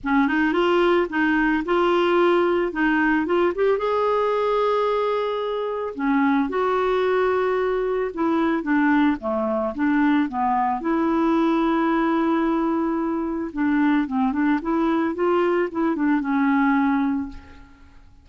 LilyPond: \new Staff \with { instrumentName = "clarinet" } { \time 4/4 \tempo 4 = 111 cis'8 dis'8 f'4 dis'4 f'4~ | f'4 dis'4 f'8 g'8 gis'4~ | gis'2. cis'4 | fis'2. e'4 |
d'4 a4 d'4 b4 | e'1~ | e'4 d'4 c'8 d'8 e'4 | f'4 e'8 d'8 cis'2 | }